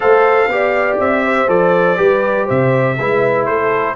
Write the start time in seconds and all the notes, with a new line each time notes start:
0.00 A3 A4 C5 F5
0.47 B3 G4 D5
0.99 C4 E5
1.25 C5
1.47 F3 A4 D5
1.96 G3 G4 B4
2.45 C3 C5 E5
2.98 G#3 E4 B4
3.45 A3 A4 C5